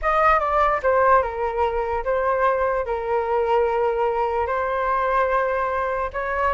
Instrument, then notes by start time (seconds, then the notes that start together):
flute
0.02 D#5
0.39 D5
0.82 C5
1.22 A#4
2.04 C5
2.85 A#4
4.47 C5
6.13 C#5